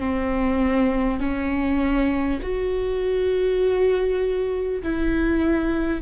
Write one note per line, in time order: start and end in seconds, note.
0.00 1.20 C4
1.20 2.40 C#4
2.42 4.82 F#4
4.83 6.02 E4